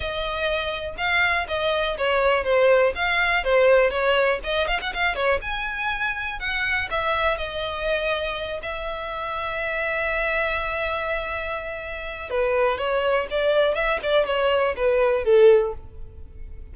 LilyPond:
\new Staff \with { instrumentName = "violin" } { \time 4/4 \tempo 4 = 122 dis''2 f''4 dis''4 | cis''4 c''4 f''4 c''4 | cis''4 dis''8 f''16 fis''16 f''8 cis''8 gis''4~ | gis''4 fis''4 e''4 dis''4~ |
dis''4. e''2~ e''8~ | e''1~ | e''4 b'4 cis''4 d''4 | e''8 d''8 cis''4 b'4 a'4 | }